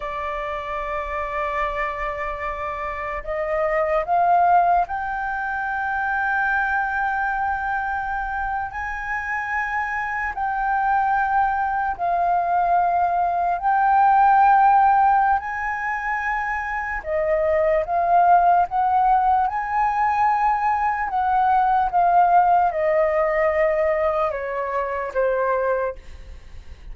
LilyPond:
\new Staff \with { instrumentName = "flute" } { \time 4/4 \tempo 4 = 74 d''1 | dis''4 f''4 g''2~ | g''2~ g''8. gis''4~ gis''16~ | gis''8. g''2 f''4~ f''16~ |
f''8. g''2~ g''16 gis''4~ | gis''4 dis''4 f''4 fis''4 | gis''2 fis''4 f''4 | dis''2 cis''4 c''4 | }